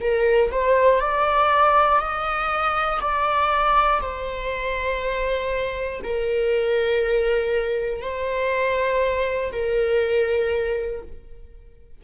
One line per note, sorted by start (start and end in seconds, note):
0.00 0.50 A#4
0.51 1.00 C5
1.00 2.00 D5
2.00 3.00 D#5
3.00 4.00 D5
4.00 6.00 C5
6.03 8.01 A#4
8.01 9.51 C5
9.52 11.02 A#4